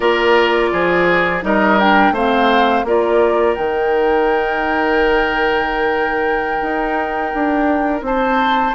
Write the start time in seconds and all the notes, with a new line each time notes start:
0.00 A#3 F4 A#4 D5
0.72 F3 G#4
1.42 G3 D#4 A#4 D#5
1.79 D4 G5
2.11 A3 C4 C5 F5
2.84 A#3 F4 A#4 D5
3.54 D#3 D#4 G5
6.61 D#4
7.34 D4
8.01 C4 C5 A5